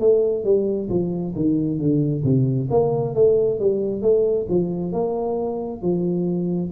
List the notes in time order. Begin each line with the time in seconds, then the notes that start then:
0.00 A3
0.44 G3
0.90 F3
1.36 D#3
1.79 D3
2.24 C3
2.71 A#3
3.15 A3
3.60 G3
4.02 A3
4.49 F3
4.93 A#3
5.82 F3